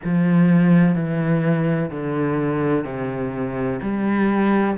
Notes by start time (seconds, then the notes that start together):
0.03 F3
0.95 E3
1.90 D3
2.84 C3
3.82 G3